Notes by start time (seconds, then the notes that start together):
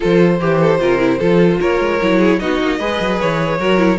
0.00 F3 F4 A4 C5
0.40 E3 G4
0.60 A4
0.80 C3 F4 A#4
0.98 E4
1.19 F3 F4 A4
1.60 A#3 A#4 C#5
1.79 G#3
2.01 F#3 E4
2.18 G#4
2.39 B3 D#4 F#4 D#5
2.61 A#3
2.78 G#3 G#4 B4
3.00 F#3
3.20 E3 C#5
3.59 F#3 F#4 A#4
3.77 E4